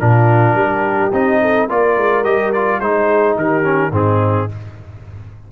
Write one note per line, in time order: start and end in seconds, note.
0.00 0.55 A#2
0.00 1.12 D4
0.00 0.57 F4
0.00 1.13 A#4
0.55 1.11 G3
0.55 1.41 G4
1.13 1.69 C4
1.13 1.69 D#4
1.13 1.70 D#5
1.42 1.69 A4
1.69 1.98 A#3
1.69 2.24 F4
1.69 2.81 A#4
1.69 2.25 D5
1.98 2.26 G#3
2.24 2.80 G3
2.24 2.52 G4
2.24 2.53 D#5
2.53 2.82 F4
2.53 2.81 D5
2.80 3.37 G#3
2.80 3.64 D#4
2.80 3.38 G#4
2.80 3.37 C5
3.37 3.92 D#3
3.37 3.92 G4
3.37 3.95 A#4
3.64 3.92 C#4
3.92 4.48 G#2
3.92 4.49 C4
3.92 4.48 D#4
3.92 4.52 G#4